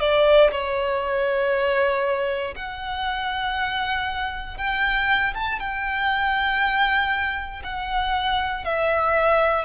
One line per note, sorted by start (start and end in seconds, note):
0.00 0.51 D5
0.51 2.55 C#5
2.56 4.58 F#5
4.58 5.34 G5
5.34 5.60 A5
5.60 7.63 G5
7.64 8.65 F#5
8.65 9.65 E5